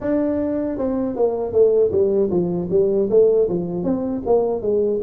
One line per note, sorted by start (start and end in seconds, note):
0.00 0.77 D4
0.78 1.15 C4
1.15 1.52 A#3
1.52 1.91 A3
1.91 2.29 G3
2.30 2.69 F3
2.70 3.09 G3
3.10 3.48 A3
3.48 3.83 F3
3.83 4.22 C4
4.26 4.62 A#3
4.62 5.00 G#3